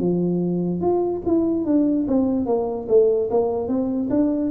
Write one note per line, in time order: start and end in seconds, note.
0.00 0.81 F3
0.81 1.22 F4
1.26 1.66 E4
1.66 2.07 D4
2.08 2.46 C4
2.46 2.87 A#3
2.89 3.30 A3
3.31 3.68 A#3
3.68 4.09 C4
4.10 4.51 D4